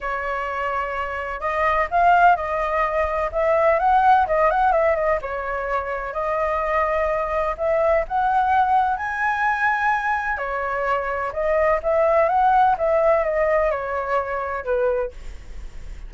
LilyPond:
\new Staff \with { instrumentName = "flute" } { \time 4/4 \tempo 4 = 127 cis''2. dis''4 | f''4 dis''2 e''4 | fis''4 dis''8 fis''8 e''8 dis''8 cis''4~ | cis''4 dis''2. |
e''4 fis''2 gis''4~ | gis''2 cis''2 | dis''4 e''4 fis''4 e''4 | dis''4 cis''2 b'4 | }